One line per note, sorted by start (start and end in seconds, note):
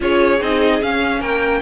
0.00 0.40 C#4
0.00 0.37 F4
0.00 1.19 G#4
0.00 0.42 C#5
0.40 0.81 C4
0.40 0.81 D#4
0.40 0.82 D#5
0.81 1.61 C#4
0.81 1.21 C#4
0.81 1.22 F5
1.19 1.61 A#3
1.19 1.60 A#4
1.19 1.61 G5